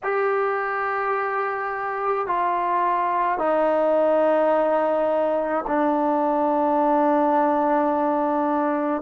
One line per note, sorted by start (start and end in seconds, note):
0.03 2.26 G4
2.26 3.38 F4
3.38 5.64 D#4
5.67 9.02 D4